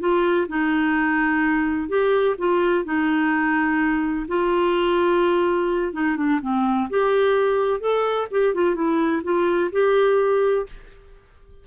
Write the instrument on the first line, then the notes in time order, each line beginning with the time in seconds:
clarinet
0.00 F4
0.49 D#4
1.89 G4
2.38 F4
2.85 D#4
4.28 F4
5.93 D#4
6.17 D4
6.42 C4
6.90 G4
7.80 A4
8.31 G4
8.54 F4
8.75 E4
9.24 F4
9.72 G4